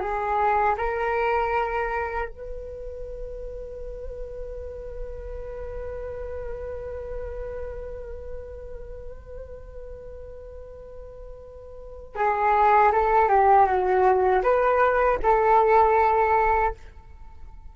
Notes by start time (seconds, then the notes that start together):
0.00 G#4
0.78 A#4
2.29 B4
12.16 G#4
12.93 A4
13.29 G4
13.67 F#4
14.43 B4
15.23 A4